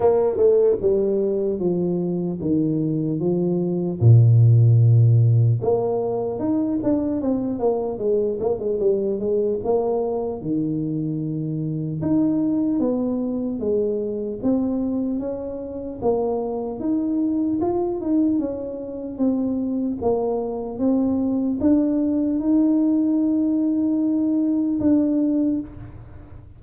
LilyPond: \new Staff \with { instrumentName = "tuba" } { \time 4/4 \tempo 4 = 75 ais8 a8 g4 f4 dis4 | f4 ais,2 ais4 | dis'8 d'8 c'8 ais8 gis8 ais16 gis16 g8 gis8 | ais4 dis2 dis'4 |
b4 gis4 c'4 cis'4 | ais4 dis'4 f'8 dis'8 cis'4 | c'4 ais4 c'4 d'4 | dis'2. d'4 | }